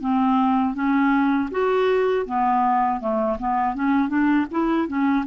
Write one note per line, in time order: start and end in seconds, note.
0.00 0.74 C4
0.74 1.49 C#4
1.51 2.26 F#4
2.26 3.00 B3
3.00 3.38 A3
3.39 3.74 B3
3.74 4.09 C#4
4.09 4.46 D4
4.51 4.88 E4
4.88 5.25 C#4